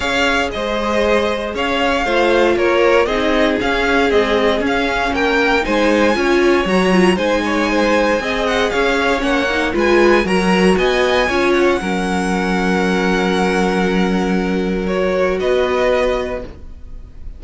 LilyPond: <<
  \new Staff \with { instrumentName = "violin" } { \time 4/4 \tempo 4 = 117 f''4 dis''2 f''4~ | f''4 cis''4 dis''4 f''4 | dis''4 f''4 g''4 gis''4~ | gis''4 ais''4 gis''2~ |
gis''8 fis''8 f''4 fis''4 gis''4 | ais''4 gis''4. fis''4.~ | fis''1~ | fis''4 cis''4 dis''2 | }
  \new Staff \with { instrumentName = "violin" } { \time 4/4 cis''4 c''2 cis''4 | c''4 ais'4 gis'2~ | gis'2 ais'4 c''4 | cis''2 c''8 cis''8 c''4 |
dis''4 cis''2 b'4 | ais'4 dis''4 cis''4 ais'4~ | ais'1~ | ais'2 b'2 | }
  \new Staff \with { instrumentName = "viola" } { \time 4/4 gis'1 | f'2 dis'4 cis'4 | gis4 cis'2 dis'4 | f'4 fis'8 f'8 dis'2 |
gis'2 cis'8 dis'8 f'4 | fis'2 f'4 cis'4~ | cis'1~ | cis'4 fis'2. | }
  \new Staff \with { instrumentName = "cello" } { \time 4/4 cis'4 gis2 cis'4 | a4 ais4 c'4 cis'4 | c'4 cis'4 ais4 gis4 | cis'4 fis4 gis2 |
c'4 cis'4 ais4 gis4 | fis4 b4 cis'4 fis4~ | fis1~ | fis2 b2 | }
>>